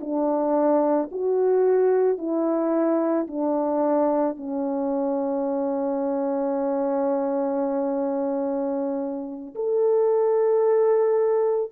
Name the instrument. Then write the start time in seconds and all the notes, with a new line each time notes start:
horn
0.00 D4
1.11 F#4
2.18 E4
3.27 D4
4.36 C#4
9.55 A4